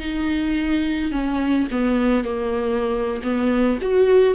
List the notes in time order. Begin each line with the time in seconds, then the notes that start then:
0.00 D#4
1.12 C#4
1.71 B3
2.24 A#3
3.23 B3
3.82 F#4